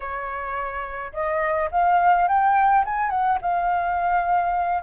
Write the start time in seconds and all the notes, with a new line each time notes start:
0.00 C#5
1.12 D#5
1.71 F5
2.28 G5
2.85 G#5
3.10 F#5
3.41 F5